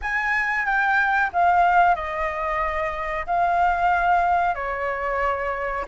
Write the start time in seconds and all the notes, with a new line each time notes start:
0.01 G#5
0.65 G5
1.32 F5
1.95 D#5
3.26 F5
4.54 C#5